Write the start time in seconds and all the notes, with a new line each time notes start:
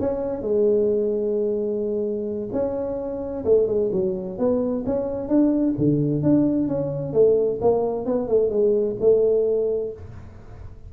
0.00 C#4
0.42 G#3
2.52 C#4
3.45 A3
3.67 G#3
3.92 F#3
4.38 B3
4.86 C#4
5.28 D4
5.78 D3
6.23 D4
6.68 C#4
7.13 A3
7.61 A#3
8.05 B3
8.28 A3
8.50 G#3
9.00 A3